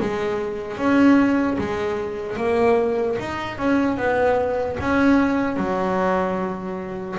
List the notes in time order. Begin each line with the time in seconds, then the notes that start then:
0.00 G#3
0.77 C#4
1.58 G#3
2.36 A#3
3.19 D#4
3.57 C#4
3.97 B3
4.80 C#4
5.56 F#3